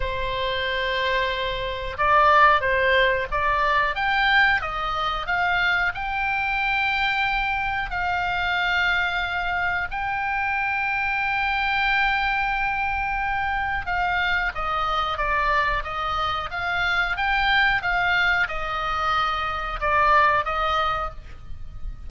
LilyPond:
\new Staff \with { instrumentName = "oboe" } { \time 4/4 \tempo 4 = 91 c''2. d''4 | c''4 d''4 g''4 dis''4 | f''4 g''2. | f''2. g''4~ |
g''1~ | g''4 f''4 dis''4 d''4 | dis''4 f''4 g''4 f''4 | dis''2 d''4 dis''4 | }